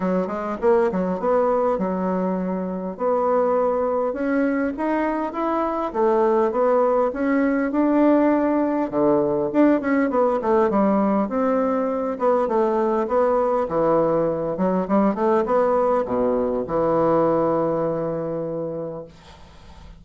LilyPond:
\new Staff \with { instrumentName = "bassoon" } { \time 4/4 \tempo 4 = 101 fis8 gis8 ais8 fis8 b4 fis4~ | fis4 b2 cis'4 | dis'4 e'4 a4 b4 | cis'4 d'2 d4 |
d'8 cis'8 b8 a8 g4 c'4~ | c'8 b8 a4 b4 e4~ | e8 fis8 g8 a8 b4 b,4 | e1 | }